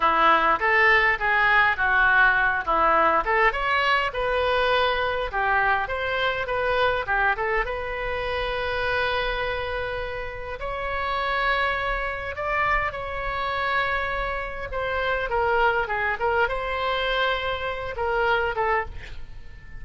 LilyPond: \new Staff \with { instrumentName = "oboe" } { \time 4/4 \tempo 4 = 102 e'4 a'4 gis'4 fis'4~ | fis'8 e'4 a'8 cis''4 b'4~ | b'4 g'4 c''4 b'4 | g'8 a'8 b'2.~ |
b'2 cis''2~ | cis''4 d''4 cis''2~ | cis''4 c''4 ais'4 gis'8 ais'8 | c''2~ c''8 ais'4 a'8 | }